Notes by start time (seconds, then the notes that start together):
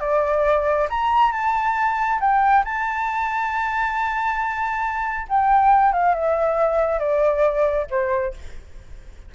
0.00 D5
0.90 A#5
1.32 A5
2.20 G5
2.65 A5
5.29 G5
5.93 F5
6.15 E5
6.99 D5
7.91 C5